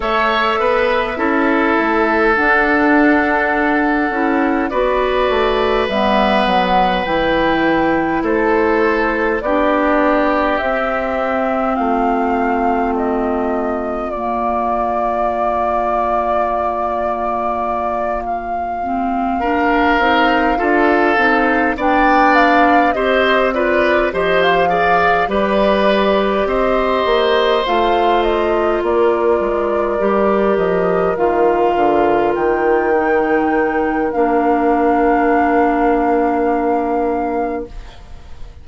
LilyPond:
<<
  \new Staff \with { instrumentName = "flute" } { \time 4/4 \tempo 4 = 51 e''2 fis''2 | d''4 e''8 fis''8 g''4 c''4 | d''4 e''4 f''4 dis''4 | d''2.~ d''8 f''8~ |
f''2~ f''8 g''8 f''8 dis''8 | d''8 dis''16 f''8. d''4 dis''4 f''8 | dis''8 d''4. dis''8 f''4 g''8~ | g''4 f''2. | }
  \new Staff \with { instrumentName = "oboe" } { \time 4/4 cis''8 b'8 a'2. | b'2. a'4 | g'2 f'2~ | f'1~ |
f'8 ais'4 a'4 d''4 c''8 | b'8 c''8 d''8 b'4 c''4.~ | c''8 ais'2.~ ais'8~ | ais'1 | }
  \new Staff \with { instrumentName = "clarinet" } { \time 4/4 a'4 e'4 d'4. e'8 | fis'4 b4 e'2 | d'4 c'2. | ais1 |
c'8 d'8 dis'8 f'8 dis'8 d'4 g'8 | f'8 g'8 gis'8 g'2 f'8~ | f'4. g'4 f'4. | dis'4 d'2. | }
  \new Staff \with { instrumentName = "bassoon" } { \time 4/4 a8 b8 cis'8 a8 d'4. cis'8 | b8 a8 g8 fis8 e4 a4 | b4 c'4 a2 | ais1~ |
ais4 c'8 d'8 c'8 b4 c'8~ | c'8 f4 g4 c'8 ais8 a8~ | a8 ais8 gis8 g8 f8 dis8 d8 dis8~ | dis4 ais2. | }
>>